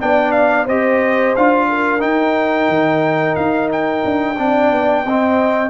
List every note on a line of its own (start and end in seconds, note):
0.00 0.68 B3
0.00 0.67 D4
0.00 0.65 D5
0.00 0.32 G5
0.32 0.65 F5
0.65 1.35 C4
0.65 1.35 G4
0.65 1.66 C5
0.65 1.35 D#5
1.36 2.04 D4
1.36 1.99 F4
1.36 2.01 F5
1.68 4.38 A#4
1.99 4.35 D#4
1.99 2.68 D#4
1.99 3.35 G5
2.68 3.36 D#3
3.35 4.04 D#4
3.35 3.69 F5
3.72 5.70 G5
4.04 4.38 D4
4.38 4.71 C4
4.38 5.05 D4
4.38 5.06 D5
4.71 5.05 B3
5.05 5.70 C4
5.05 5.70 D#5